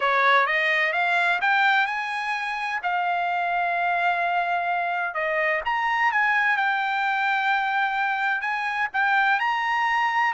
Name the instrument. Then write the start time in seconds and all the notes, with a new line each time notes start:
trumpet
0.00 C#5
0.46 D#5
0.92 F5
1.41 G5
1.86 G#5
2.83 F5
5.14 D#5
5.65 A#5
6.12 G#5
6.56 G5
8.41 G#5
8.93 G5
9.39 A#5